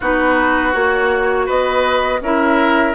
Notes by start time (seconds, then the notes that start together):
0.00 B3 D#4 F#4 B4
0.72 A#3 F#4 C#5
1.46 B3 B4 D#5
2.21 C#4 E4 A#4 E5